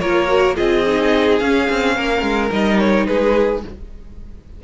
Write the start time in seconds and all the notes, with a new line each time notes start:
0.00 A#3 F4 A#4 C#5
0.27 F#4
0.56 C4 F4 G#4 D#5
0.87 D#4
1.39 C#4 F5
1.70 C4
1.96 A#3 A#4
2.22 G#3
2.50 G3 D#4 D#5
2.80 C#5
3.07 G#3 G#4 B4